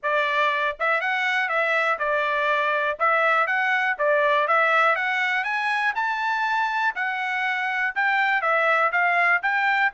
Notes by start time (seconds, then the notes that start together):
0.02 D5
0.79 E5
1.01 F#5
1.49 E5
1.98 D5
2.99 E5
3.46 F#5
3.98 D5
4.47 E5
4.95 F#5
5.44 G#5
5.95 A5
6.95 F#5
7.95 G5
8.41 E5
8.92 F5
9.42 G5